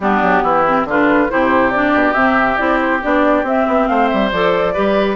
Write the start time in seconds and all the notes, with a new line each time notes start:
0.00 G3 B3 D4 G4
0.22 F#3
0.42 E3 E4
0.66 C4
0.84 D3 D4 F4 B4
1.29 C3 E4 G4 C5
1.71 D4 D5
1.93 B2
2.13 C3 C4 E5
2.56 C4 E4 D5
2.81 C5
3.02 B3 D4 D5
3.43 C4 E5
3.67 B3
3.87 A3 C5 F5
4.08 G3 E5
4.31 F3 A4 D5
4.73 G3 G4 B4